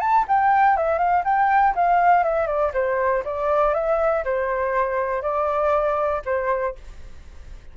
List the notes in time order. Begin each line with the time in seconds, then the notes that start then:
0.00 A5
0.28 G5
0.77 E5
0.98 F5
1.24 G5
1.75 F5
2.24 E5
2.47 D5
2.73 C5
3.25 D5
3.74 E5
4.24 C5
5.22 D5
6.25 C5